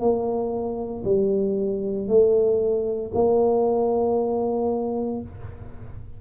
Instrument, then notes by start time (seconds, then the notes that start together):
tuba
0.00 A#3
1.04 G3
2.08 A3
3.15 A#3